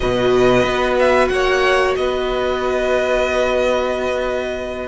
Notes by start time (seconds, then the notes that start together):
0.00 B2 F#4 B4 D#5
0.63 B3
0.99 E5
1.28 A#3 C#5 F#5
1.96 B3 B4 D#5